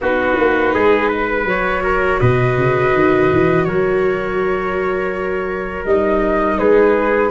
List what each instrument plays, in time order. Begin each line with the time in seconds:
0.01 tuba B3, viola D#4, trumpet F#4, flute B4
0.38 tuba A#3
0.74 tuba G#3, trumpet G#4
1.08 trumpet B4
1.44 tuba F#3, viola F#4, flute C#5
1.83 trumpet A#4
2.20 tuba B2, trumpet B4, flute D#5
2.57 tuba C#3
2.94 tuba D#3
3.32 tuba E3
3.64 tuba F#3, trumpet A#4, flute C#5
5.85 tuba G3, viola D#4, flute D#5
6.58 tuba G#3, trumpet G#4, flute B4